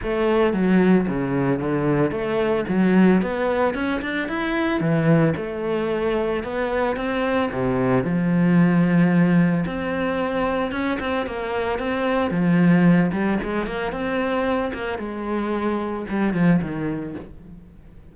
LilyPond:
\new Staff \with { instrumentName = "cello" } { \time 4/4 \tempo 4 = 112 a4 fis4 cis4 d4 | a4 fis4 b4 cis'8 d'8 | e'4 e4 a2 | b4 c'4 c4 f4~ |
f2 c'2 | cis'8 c'8 ais4 c'4 f4~ | f8 g8 gis8 ais8 c'4. ais8 | gis2 g8 f8 dis4 | }